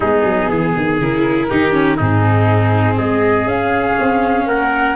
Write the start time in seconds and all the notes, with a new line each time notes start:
0.00 G#3 B3 D#4 G#4
0.23 F#3
0.49 E3 G#4
0.76 D#3
0.99 C#3 E4 A#4
1.49 D#3 D#4 G4
1.71 C#4
1.96 G#2 C4 D#4 G#4
2.97 G#3 G#4 D#5
3.45 C#4 F5
3.99 C4
4.46 A#3 A#4 F#5